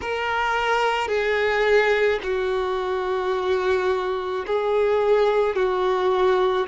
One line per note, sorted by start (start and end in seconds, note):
0.01 1.08 A#4
1.08 2.19 G#4
2.23 4.45 F#4
4.46 5.55 G#4
5.55 6.66 F#4